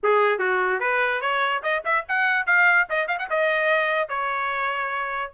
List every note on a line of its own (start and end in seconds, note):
0.03 0.38 G#4
0.38 0.79 F#4
0.80 1.21 B4
1.21 1.62 C#5
1.62 1.83 D#5
1.84 2.05 E5
2.08 2.46 F#5
2.46 2.87 F5
2.89 3.07 D#5
3.07 3.18 F5
3.18 3.29 F#5
3.30 4.09 D#5
4.09 5.32 C#5